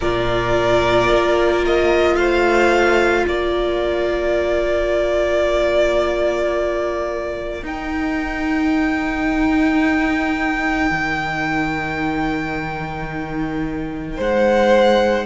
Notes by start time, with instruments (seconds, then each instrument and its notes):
0.00 cello A#2, viola F4, violin A#4 D5
1.09 cello A#3
1.65 violin D#5
2.15 cello A3, violin C5 F5
3.25 cello A#3, violin A#4 D5
7.62 cello D#4, viola D#4, violin G5
10.90 cello D#3
14.16 cello G#3, violin C5 F#5